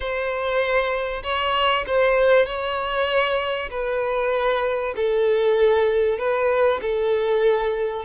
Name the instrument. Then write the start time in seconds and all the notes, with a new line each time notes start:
violin
0.00 C5
1.23 C#5
1.86 C5
2.46 C#5
3.70 B4
4.95 A4
6.18 B4
6.81 A4